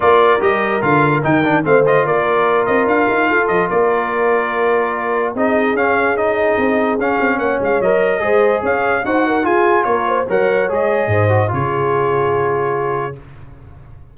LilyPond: <<
  \new Staff \with { instrumentName = "trumpet" } { \time 4/4 \tempo 4 = 146 d''4 dis''4 f''4 g''4 | f''8 dis''8 d''4. dis''8 f''4~ | f''8 dis''8 d''2.~ | d''4 dis''4 f''4 dis''4~ |
dis''4 f''4 fis''8 f''8 dis''4~ | dis''4 f''4 fis''4 gis''4 | cis''4 fis''4 dis''2 | cis''1 | }
  \new Staff \with { instrumentName = "horn" } { \time 4/4 ais'1 | c''4 ais'2. | a'4 ais'2.~ | ais'4 gis'2.~ |
gis'2 cis''2 | c''4 cis''4 c''8 ais'8 gis'4 | ais'8 c''8 cis''2 c''4 | gis'1 | }
  \new Staff \with { instrumentName = "trombone" } { \time 4/4 f'4 g'4 f'4 dis'8 d'8 | c'8 f'2.~ f'8~ | f'1~ | f'4 dis'4 cis'4 dis'4~ |
dis'4 cis'2 ais'4 | gis'2 fis'4 f'4~ | f'4 ais'4 gis'4. fis'8 | f'1 | }
  \new Staff \with { instrumentName = "tuba" } { \time 4/4 ais4 g4 d4 dis4 | a4 ais4. c'8 d'8 dis'8 | f'8 f8 ais2.~ | ais4 c'4 cis'2 |
c'4 cis'8 c'8 ais8 gis8 fis4 | gis4 cis'4 dis'4 f'4 | ais4 fis4 gis4 gis,4 | cis1 | }
>>